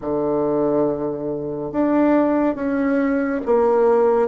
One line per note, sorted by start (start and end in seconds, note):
0.01 1.71 D3
1.71 2.55 D4
2.55 3.41 C#4
3.45 4.28 A#3